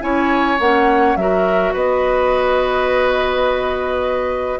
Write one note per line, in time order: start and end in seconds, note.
0.00 0.59 C#4
0.00 0.57 E4
0.00 1.17 C#5
0.00 0.58 G#5
0.59 1.16 A#3
0.59 1.18 C#4
0.59 1.16 F#5
1.16 1.73 F#3
1.16 4.60 F#4
1.16 1.73 A#4
1.16 1.73 E5
1.73 4.60 B3
1.73 4.59 B4
1.73 4.60 D#5